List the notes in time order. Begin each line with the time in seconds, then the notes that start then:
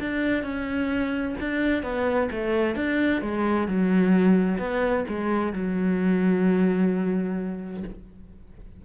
0.00 D4
0.43 C#4
1.40 D4
1.83 B3
2.32 A3
2.76 D4
3.22 G#3
3.68 F#3
4.59 B3
5.09 G#3
5.53 F#3